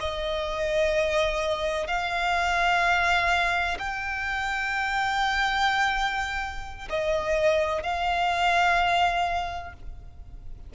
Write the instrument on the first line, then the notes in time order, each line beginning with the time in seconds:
violin
0.00 D#5
1.87 F5
3.79 G5
6.90 D#5
7.83 F5